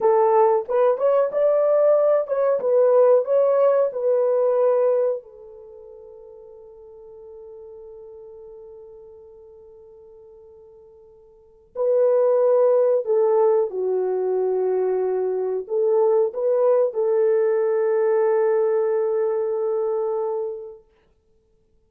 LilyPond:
\new Staff \with { instrumentName = "horn" } { \time 4/4 \tempo 4 = 92 a'4 b'8 cis''8 d''4. cis''8 | b'4 cis''4 b'2 | a'1~ | a'1~ |
a'2 b'2 | a'4 fis'2. | a'4 b'4 a'2~ | a'1 | }